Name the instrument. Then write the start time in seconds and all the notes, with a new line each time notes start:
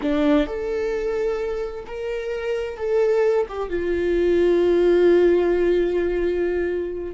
viola
0.01 D4
0.47 A4
1.86 A#4
2.77 A4
3.48 G4
3.69 F4